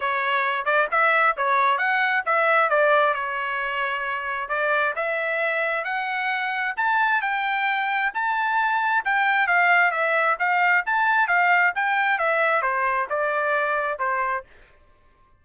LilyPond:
\new Staff \with { instrumentName = "trumpet" } { \time 4/4 \tempo 4 = 133 cis''4. d''8 e''4 cis''4 | fis''4 e''4 d''4 cis''4~ | cis''2 d''4 e''4~ | e''4 fis''2 a''4 |
g''2 a''2 | g''4 f''4 e''4 f''4 | a''4 f''4 g''4 e''4 | c''4 d''2 c''4 | }